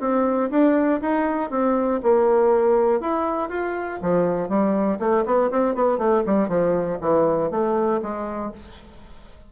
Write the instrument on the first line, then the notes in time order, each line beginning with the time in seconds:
bassoon
0.00 C4
0.50 D4
1.01 D#4
1.50 C4
2.02 A#3
3.00 E4
3.49 F4
4.02 F3
4.49 G3
4.99 A3
5.25 B3
5.51 C4
5.75 B3
5.98 A3
6.26 G3
6.48 F3
7.01 E3
7.50 A3
8.02 G#3